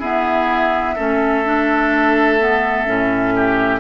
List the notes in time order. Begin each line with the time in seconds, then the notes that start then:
0.00 B3 E4 G#4 E5
0.96 A3 C#4 A4
1.45 D4
2.40 B3
2.87 A2 C#4
3.37 G4